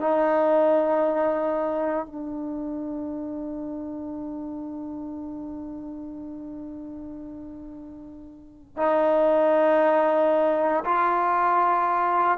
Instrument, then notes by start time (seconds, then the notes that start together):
trombone
0.00 D#4
2.06 D4
8.77 D#4
10.85 F4